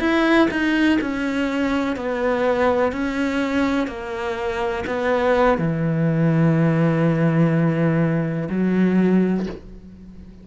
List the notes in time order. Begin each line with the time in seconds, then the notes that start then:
0.00 E4
0.51 D#4
1.01 C#4
1.96 B3
2.92 C#4
3.87 A#3
4.87 B3
5.58 E3
8.49 F#3